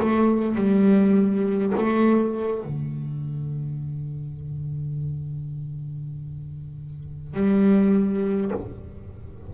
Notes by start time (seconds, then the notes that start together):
0.00 A3
0.56 G3
1.77 A3
2.64 D3
7.34 G3